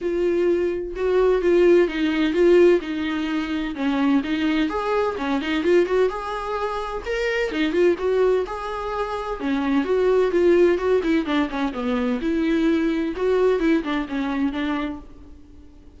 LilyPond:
\new Staff \with { instrumentName = "viola" } { \time 4/4 \tempo 4 = 128 f'2 fis'4 f'4 | dis'4 f'4 dis'2 | cis'4 dis'4 gis'4 cis'8 dis'8 | f'8 fis'8 gis'2 ais'4 |
dis'8 f'8 fis'4 gis'2 | cis'4 fis'4 f'4 fis'8 e'8 | d'8 cis'8 b4 e'2 | fis'4 e'8 d'8 cis'4 d'4 | }